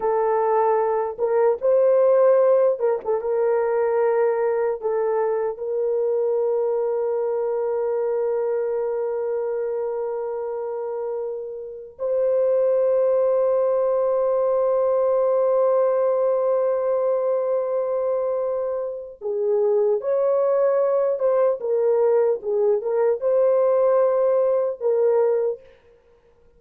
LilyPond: \new Staff \with { instrumentName = "horn" } { \time 4/4 \tempo 4 = 75 a'4. ais'8 c''4. ais'16 a'16 | ais'2 a'4 ais'4~ | ais'1~ | ais'2. c''4~ |
c''1~ | c''1 | gis'4 cis''4. c''8 ais'4 | gis'8 ais'8 c''2 ais'4 | }